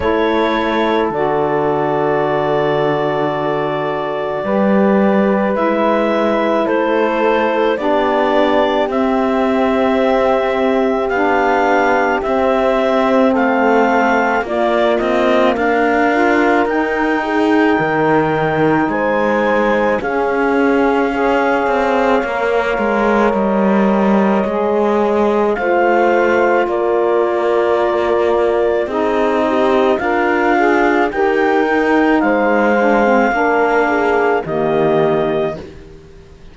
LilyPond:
<<
  \new Staff \with { instrumentName = "clarinet" } { \time 4/4 \tempo 4 = 54 cis''4 d''2.~ | d''4 e''4 c''4 d''4 | e''2 f''4 e''4 | f''4 d''8 dis''8 f''4 g''4~ |
g''4 gis''4 f''2~ | f''4 dis''2 f''4 | d''2 dis''4 f''4 | g''4 f''2 dis''4 | }
  \new Staff \with { instrumentName = "horn" } { \time 4/4 a'1 | b'2 a'4 g'4~ | g'1 | a'4 f'4 ais'4. gis'8 |
ais'4 c''4 gis'4 cis''4~ | cis''2. c''4 | ais'2 gis'8 g'8 f'4 | ais'4 c''4 ais'8 gis'8 g'4 | }
  \new Staff \with { instrumentName = "saxophone" } { \time 4/4 e'4 fis'2. | g'4 e'2 d'4 | c'2 d'4 c'4~ | c'4 ais4. f'8 dis'4~ |
dis'2 cis'4 gis'4 | ais'2 gis'4 f'4~ | f'2 dis'4 ais'8 gis'8 | g'8 dis'4 d'16 c'16 d'4 ais4 | }
  \new Staff \with { instrumentName = "cello" } { \time 4/4 a4 d2. | g4 gis4 a4 b4 | c'2 b4 c'4 | a4 ais8 c'8 d'4 dis'4 |
dis4 gis4 cis'4. c'8 | ais8 gis8 g4 gis4 a4 | ais2 c'4 d'4 | dis'4 gis4 ais4 dis4 | }
>>